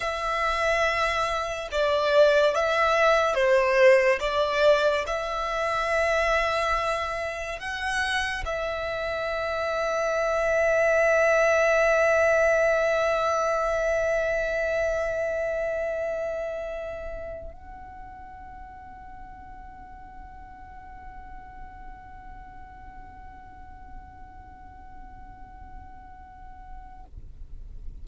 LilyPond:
\new Staff \with { instrumentName = "violin" } { \time 4/4 \tempo 4 = 71 e''2 d''4 e''4 | c''4 d''4 e''2~ | e''4 fis''4 e''2~ | e''1~ |
e''1~ | e''8. fis''2.~ fis''16~ | fis''1~ | fis''1 | }